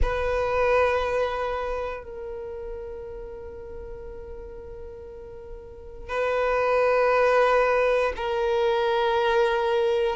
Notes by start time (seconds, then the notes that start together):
0.01 B4
2.03 A#4
6.09 B4
8.16 A#4